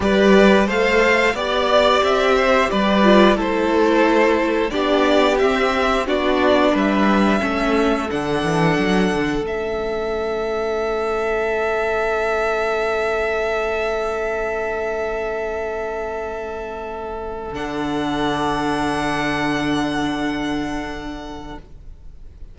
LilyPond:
<<
  \new Staff \with { instrumentName = "violin" } { \time 4/4 \tempo 4 = 89 d''4 f''4 d''4 e''4 | d''4 c''2 d''4 | e''4 d''4 e''2 | fis''2 e''2~ |
e''1~ | e''1~ | e''2 fis''2~ | fis''1 | }
  \new Staff \with { instrumentName = "violin" } { \time 4/4 b'4 c''4 d''4. c''8 | b'4 a'2 g'4~ | g'4 fis'4 b'4 a'4~ | a'1~ |
a'1~ | a'1~ | a'1~ | a'1 | }
  \new Staff \with { instrumentName = "viola" } { \time 4/4 g'4 a'4 g'2~ | g'8 f'8 e'2 d'4 | c'4 d'2 cis'4 | d'2 cis'2~ |
cis'1~ | cis'1~ | cis'2 d'2~ | d'1 | }
  \new Staff \with { instrumentName = "cello" } { \time 4/4 g4 a4 b4 c'4 | g4 a2 b4 | c'4 b4 g4 a4 | d8 e8 fis8 d8 a2~ |
a1~ | a1~ | a2 d2~ | d1 | }
>>